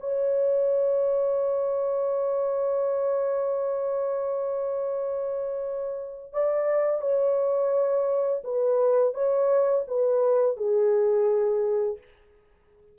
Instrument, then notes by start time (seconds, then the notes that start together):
horn
0.00 C#5
6.32 D5
7.01 C#5
8.44 B4
9.14 C#5
9.88 B4
10.57 G#4